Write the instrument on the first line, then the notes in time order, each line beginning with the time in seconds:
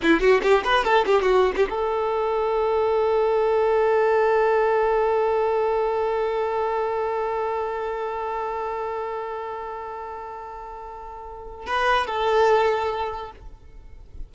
violin
0.02 E4
0.20 F#4
0.42 G4
0.64 B4
0.84 A4
1.05 G4
1.21 F#4
1.56 G4
1.69 A4
11.66 B4
12.06 A4